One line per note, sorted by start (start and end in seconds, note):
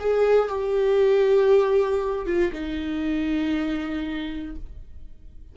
0.00 0.49 G#4
0.49 2.27 G4
2.27 2.52 F4
2.53 4.56 D#4